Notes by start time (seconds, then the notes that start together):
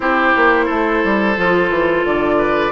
0.00 C4 E4 G4 C5
0.36 A#3
0.65 A3 A4
1.03 G3
1.37 F3 F4
1.69 E3
2.04 D3 D5
2.37 B4